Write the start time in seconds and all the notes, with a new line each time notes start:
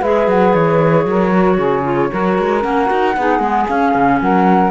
0.00 G#3 G#4 B4 E5
0.27 F#3 F#5
0.54 E3 C#5
1.06 F#3 A#4
1.31 F#4
1.57 C#3 G#4
1.83 F4
2.12 F#3 F#4 A#4
2.38 G#3
2.61 A#3 C#4 F#5
2.87 D#4 F#4
3.17 B3 D#4 G#4
3.39 G#3 B3
3.68 C#4 F5
3.95 C#3
4.21 F#3 A#4 F#5